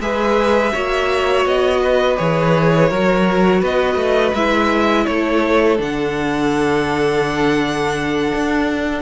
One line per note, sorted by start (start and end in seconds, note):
0.00 0.72 G#3
0.00 0.72 G#4
0.00 0.73 B4
0.00 1.46 E5
0.72 1.45 A#3
0.72 2.17 F#4
0.72 1.81 C#5
1.45 2.18 B3
1.45 2.17 D#5
1.82 2.89 B4
2.17 2.92 E3
2.17 2.89 G#4
2.17 3.62 C#5
2.89 3.63 F#3
2.89 4.36 F#4
2.89 3.61 A#4
3.61 3.95 B3
3.61 5.05 B4
3.61 4.34 D#5
3.95 4.32 A3
4.34 5.06 G#3
4.34 5.78 E4
4.34 5.06 E5
5.06 5.79 A3
5.06 9.02 A4
5.06 5.78 C#5
5.78 8.32 D3
5.78 9.02 D4
5.78 9.02 F#5
8.34 9.02 D4